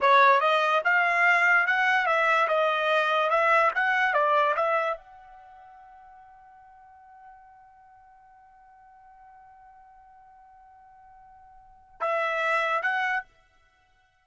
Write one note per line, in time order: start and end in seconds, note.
0.01 0.40 C#5
0.40 0.82 D#5
0.84 1.66 F5
1.66 2.06 F#5
2.06 2.47 E5
2.48 3.30 D#5
3.30 3.71 E5
3.74 4.13 F#5
4.13 4.54 D5
4.55 4.97 E5
4.97 12.00 F#5
12.00 12.82 E5
12.82 13.23 F#5